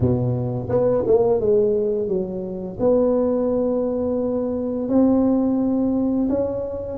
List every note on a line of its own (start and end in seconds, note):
0.00 0.68 B2
0.68 1.03 B3
1.06 1.40 A#3
1.40 2.07 G#3
2.07 2.77 F#3
2.79 4.88 B3
4.88 6.28 C4
6.29 6.98 C#4